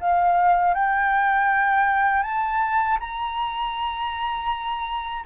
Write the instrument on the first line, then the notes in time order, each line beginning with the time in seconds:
flute
0.00 F5
0.74 G5
2.23 A5
3.00 A#5